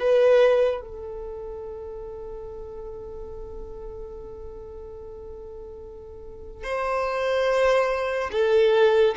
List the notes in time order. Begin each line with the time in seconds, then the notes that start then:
0.00 B4
0.82 A4
6.64 C5
8.32 A4